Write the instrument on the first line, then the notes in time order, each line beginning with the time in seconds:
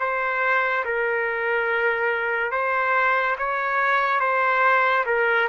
trumpet
0.00 C5
0.85 A#4
2.52 C5
3.38 C#5
4.21 C5
5.06 A#4